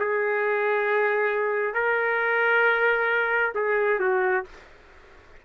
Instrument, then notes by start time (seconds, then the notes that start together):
trumpet
0.00 G#4
1.74 A#4
3.55 G#4
4.00 F#4